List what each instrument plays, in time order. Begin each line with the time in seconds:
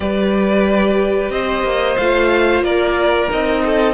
0.00 cello G3, viola G4, violin B4 D5
1.30 cello C4, violin C5 D#5
1.63 cello A#3
1.97 cello A3, viola F4, violin F5
2.61 cello A#3, violin A#4 D5
3.30 cello C4, viola D#4, violin D#5
3.65 violin A4